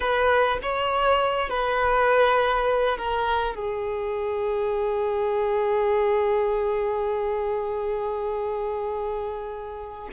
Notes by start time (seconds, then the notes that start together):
0.00 B4
0.62 C#5
1.49 B4
2.97 A#4
3.55 G#4